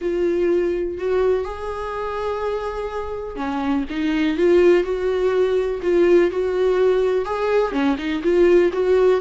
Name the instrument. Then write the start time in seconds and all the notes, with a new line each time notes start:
viola
0.01 F4
0.98 F#4
1.44 G#4
3.36 C#4
3.90 D#4
4.37 F4
4.83 F#4
5.82 F4
6.30 F#4
7.25 G#4
7.72 C#4
7.97 D#4
8.23 F4
8.73 F#4